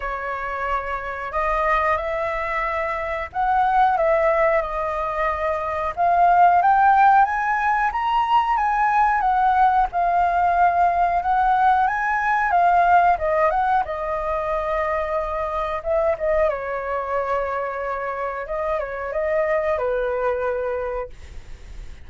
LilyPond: \new Staff \with { instrumentName = "flute" } { \time 4/4 \tempo 4 = 91 cis''2 dis''4 e''4~ | e''4 fis''4 e''4 dis''4~ | dis''4 f''4 g''4 gis''4 | ais''4 gis''4 fis''4 f''4~ |
f''4 fis''4 gis''4 f''4 | dis''8 fis''8 dis''2. | e''8 dis''8 cis''2. | dis''8 cis''8 dis''4 b'2 | }